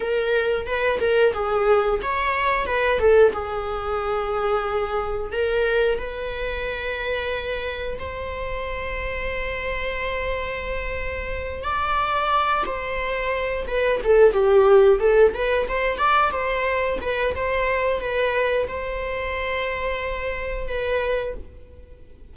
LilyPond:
\new Staff \with { instrumentName = "viola" } { \time 4/4 \tempo 4 = 90 ais'4 b'8 ais'8 gis'4 cis''4 | b'8 a'8 gis'2. | ais'4 b'2. | c''1~ |
c''4. d''4. c''4~ | c''8 b'8 a'8 g'4 a'8 b'8 c''8 | d''8 c''4 b'8 c''4 b'4 | c''2. b'4 | }